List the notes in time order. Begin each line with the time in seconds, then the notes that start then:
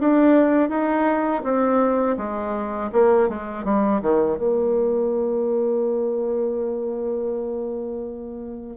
0.00 D4
0.70 D#4
1.44 C4
2.18 G#3
2.93 A#3
3.29 G#3
3.65 G3
4.02 D#3
4.38 A#3